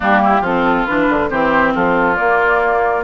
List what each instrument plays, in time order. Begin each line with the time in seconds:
0.00 bassoon G3, clarinet A#3, oboe D4, flute G4
0.24 oboe E4
0.40 bassoon F3, clarinet C4, oboe F4, flute A4
0.86 bassoon E3, clarinet D4, flute B4
1.09 bassoon D3
1.29 bassoon E3, clarinet C4, oboe G4, flute C5
1.74 bassoon F3, oboe F4, flute A4
2.15 clarinet A#3, bassoon A#3, flute D5